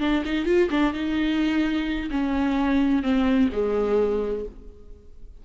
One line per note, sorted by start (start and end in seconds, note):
0.00 0.23 D4
0.25 0.46 D#4
0.46 0.69 F4
0.70 0.93 D4
0.93 2.10 D#4
2.11 3.03 C#4
3.03 3.49 C4
3.52 4.45 G#3